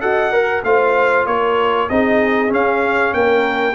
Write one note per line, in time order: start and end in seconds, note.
0.00 0.64 F#4
0.00 0.31 A4
0.00 0.33 D#5
0.00 0.63 F#5
0.31 0.62 A#4
0.31 0.64 A#4
0.64 1.26 A3
0.64 1.90 F4
0.64 1.28 C5
0.64 1.26 F5
1.26 1.88 A#3
1.26 1.90 A#4
1.26 1.89 C#5
1.89 2.51 C4
1.89 2.48 D#4
1.89 3.15 G#4
1.89 2.52 D#5
2.48 3.73 C#4
2.48 3.13 C#4
2.48 3.13 F5
3.13 3.75 A#3
3.13 3.75 A#4
3.13 3.75 G5